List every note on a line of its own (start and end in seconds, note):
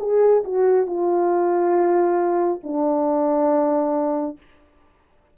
0.00 0.43 G#4
0.45 0.87 F#4
0.87 2.61 F4
2.64 4.38 D4